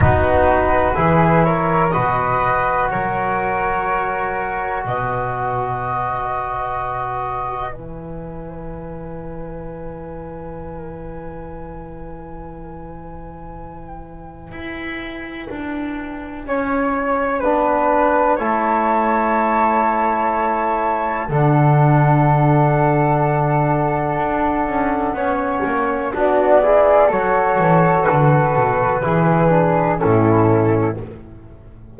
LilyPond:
<<
  \new Staff \with { instrumentName = "flute" } { \time 4/4 \tempo 4 = 62 b'4. cis''8 dis''4 cis''4~ | cis''4 dis''2. | gis''1~ | gis''1~ |
gis''2. a''4~ | a''2 fis''2~ | fis''2. d''4 | cis''4 b'2 a'4 | }
  \new Staff \with { instrumentName = "flute" } { \time 4/4 fis'4 gis'8 ais'8 b'4 ais'4~ | ais'4 b'2.~ | b'1~ | b'1~ |
b'4 cis''4 b'4 cis''4~ | cis''2 a'2~ | a'2 cis''4 fis'8 gis'8 | a'2 gis'4 e'4 | }
  \new Staff \with { instrumentName = "trombone" } { \time 4/4 dis'4 e'4 fis'2~ | fis'1 | e'1~ | e'1~ |
e'2 d'4 e'4~ | e'2 d'2~ | d'2 cis'4 d'8 e'8 | fis'2 e'8 d'8 cis'4 | }
  \new Staff \with { instrumentName = "double bass" } { \time 4/4 b4 e4 b,4 fis4~ | fis4 b,2. | e1~ | e2. e'4 |
d'4 cis'4 b4 a4~ | a2 d2~ | d4 d'8 cis'8 b8 ais8 b4 | fis8 e8 d8 b,8 e4 a,4 | }
>>